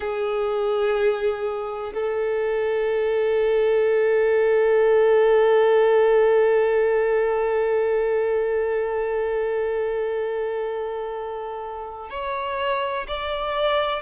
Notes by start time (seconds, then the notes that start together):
0.00 G#4
1.94 A4
12.10 C#5
13.07 D5